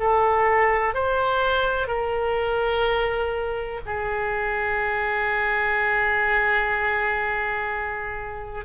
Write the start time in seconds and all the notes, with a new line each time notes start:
0.00 A4
0.94 C5
1.87 A#4
3.86 G#4